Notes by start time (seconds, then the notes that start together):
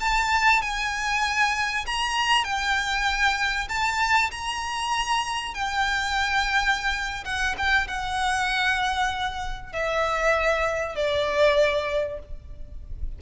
0.00 A5
0.62 G#5
1.86 A#5
2.44 G5
3.69 A5
4.31 A#5
5.54 G5
7.25 F#5
7.58 G5
7.88 F#5
9.73 E5
10.95 D5